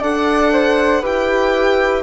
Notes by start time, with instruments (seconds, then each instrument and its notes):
0.00 bassoon D4, viola A4, flute D5, violin F#5
0.53 flute C5
1.01 bassoon E4, viola G4, flute B4, violin G5